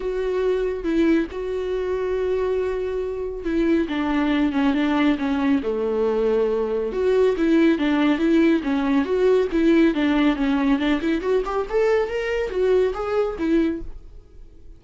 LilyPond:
\new Staff \with { instrumentName = "viola" } { \time 4/4 \tempo 4 = 139 fis'2 e'4 fis'4~ | fis'1 | e'4 d'4. cis'8 d'4 | cis'4 a2. |
fis'4 e'4 d'4 e'4 | cis'4 fis'4 e'4 d'4 | cis'4 d'8 e'8 fis'8 g'8 a'4 | ais'4 fis'4 gis'4 e'4 | }